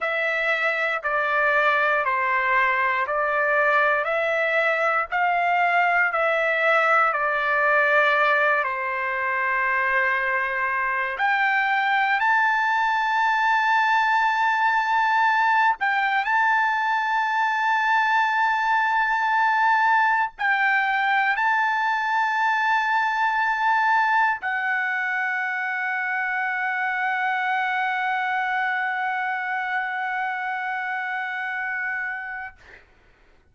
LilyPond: \new Staff \with { instrumentName = "trumpet" } { \time 4/4 \tempo 4 = 59 e''4 d''4 c''4 d''4 | e''4 f''4 e''4 d''4~ | d''8 c''2~ c''8 g''4 | a''2.~ a''8 g''8 |
a''1 | g''4 a''2. | fis''1~ | fis''1 | }